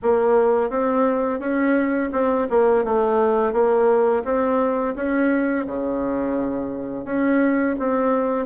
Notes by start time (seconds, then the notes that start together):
0.02 A#3
0.70 C4
1.39 C#4
2.12 C4
2.50 A#3
2.84 A3
3.52 A#3
4.24 C4
4.95 C#4
5.66 C#3
7.05 C#4
7.79 C4